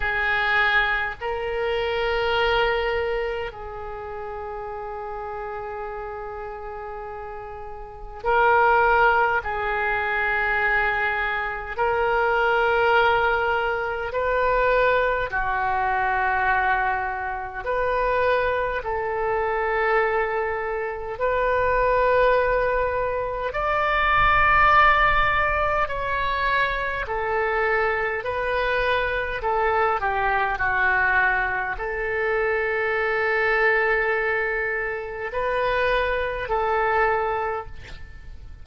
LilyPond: \new Staff \with { instrumentName = "oboe" } { \time 4/4 \tempo 4 = 51 gis'4 ais'2 gis'4~ | gis'2. ais'4 | gis'2 ais'2 | b'4 fis'2 b'4 |
a'2 b'2 | d''2 cis''4 a'4 | b'4 a'8 g'8 fis'4 a'4~ | a'2 b'4 a'4 | }